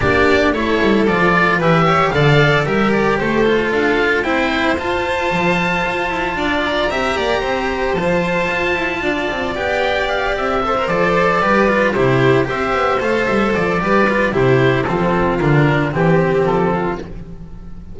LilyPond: <<
  \new Staff \with { instrumentName = "oboe" } { \time 4/4 \tempo 4 = 113 d''4 cis''4 d''4 e''4 | f''4 e''8 d''8 c''4 f''4 | g''4 a''2.~ | a''8 ais''2~ ais''8 a''4~ |
a''2 g''4 f''8 e''8~ | e''8 d''2 c''4 e''8~ | e''8 f''8 e''8 d''4. c''4 | a'4 ais'4 g'4 a'4 | }
  \new Staff \with { instrumentName = "violin" } { \time 4/4 g'4 a'2 b'8 cis''8 | d''4 ais'4 a'2 | c''1 | d''4 e''8 d''8 c''2~ |
c''4 d''2. | c''4. b'4 g'4 c''8~ | c''2 b'4 g'4 | f'2 g'4. f'8 | }
  \new Staff \with { instrumentName = "cello" } { \time 4/4 d'4 e'4 f'4 g'4 | a'4 g'4. f'4. | e'4 f'2.~ | f'4 g'2 f'4~ |
f'2 g'2 | a'16 ais'16 a'4 g'8 f'8 e'4 g'8~ | g'8 a'4. g'8 f'8 e'4 | c'4 d'4 c'2 | }
  \new Staff \with { instrumentName = "double bass" } { \time 4/4 ais4 a8 g8 f4 e4 | d4 g4 a4 d'4 | c'4 f'4 f4 f'8 e'8 | d'4 c'8 ais8 c'4 f4 |
f'8 e'8 d'8 c'8 b4. c'8~ | c'8 f4 g4 c4 c'8 | b8 a8 g8 f8 g4 c4 | f4 d4 e4 f4 | }
>>